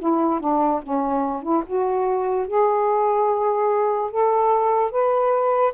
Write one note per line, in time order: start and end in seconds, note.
0.00 0.41 E4
0.41 0.82 D4
0.83 1.43 C#4
1.43 1.64 E4
1.67 2.48 F#4
2.48 4.11 G#4
4.11 4.92 A4
4.92 5.74 B4